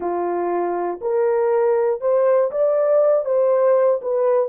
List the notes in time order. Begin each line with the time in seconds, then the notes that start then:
0.00 F4
1.01 A#4
2.00 C5
2.51 D5
3.25 C5
4.01 B4